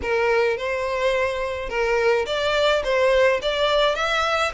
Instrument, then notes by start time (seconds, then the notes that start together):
violin
0.02 A#4
0.57 C5
1.69 A#4
2.26 D5
2.84 C5
3.42 D5
3.95 E5